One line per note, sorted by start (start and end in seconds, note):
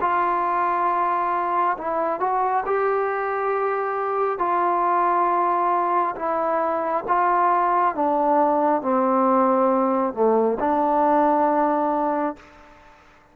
0.00 1.76 F4
1.78 2.19 E4
2.19 2.64 F#4
2.66 4.38 G4
4.38 6.14 F4
6.16 7.04 E4
7.07 7.95 F4
7.95 8.82 D4
8.82 10.14 C4
10.14 10.58 A3
10.60 12.36 D4